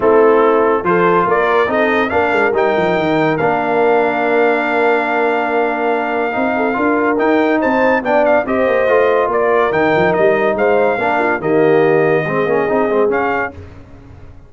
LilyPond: <<
  \new Staff \with { instrumentName = "trumpet" } { \time 4/4 \tempo 4 = 142 a'2 c''4 d''4 | dis''4 f''4 g''2 | f''1~ | f''1~ |
f''4 g''4 a''4 g''8 f''8 | dis''2 d''4 g''4 | dis''4 f''2 dis''4~ | dis''2. f''4 | }
  \new Staff \with { instrumentName = "horn" } { \time 4/4 e'2 a'4 ais'4 | a'4 ais'2.~ | ais'1~ | ais'2.~ ais'8 a'8 |
ais'2 c''4 d''4 | c''2 ais'2~ | ais'4 c''4 ais'8 f'8 g'4~ | g'4 gis'2. | }
  \new Staff \with { instrumentName = "trombone" } { \time 4/4 c'2 f'2 | dis'4 d'4 dis'2 | d'1~ | d'2. dis'4 |
f'4 dis'2 d'4 | g'4 f'2 dis'4~ | dis'2 d'4 ais4~ | ais4 c'8 cis'8 dis'8 c'8 cis'4 | }
  \new Staff \with { instrumentName = "tuba" } { \time 4/4 a2 f4 ais4 | c'4 ais8 gis8 g8 f8 dis4 | ais1~ | ais2. c'4 |
d'4 dis'4 c'4 b4 | c'8 ais8 a4 ais4 dis8 f8 | g4 gis4 ais4 dis4~ | dis4 gis8 ais8 c'8 gis8 cis'4 | }
>>